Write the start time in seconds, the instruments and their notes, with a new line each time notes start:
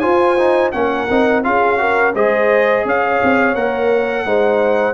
0.00 trombone F4, tuba F4, horn C5, trumpet G#5
0.38 trombone D#4
0.72 tuba A#3, trombone C#4, horn A#4, trumpet F#5
1.11 tuba C4, trombone D#4
1.44 tuba C#4, trombone F4, horn G#4, trumpet F5
1.78 trombone F#4, horn A#4
2.15 tuba G#3, trombone G#4, horn C5, trumpet D#5
2.86 tuba C#4, horn C#5, trumpet F5
3.23 tuba C4
3.55 tuba A#3, trombone A#4, trumpet F#5
4.25 tuba G#3, trombone D#4, horn C5